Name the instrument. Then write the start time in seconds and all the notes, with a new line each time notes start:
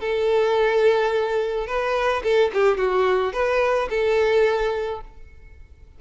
violin
0.00 A4
1.67 B4
2.23 A4
2.53 G4
2.77 F#4
3.33 B4
3.90 A4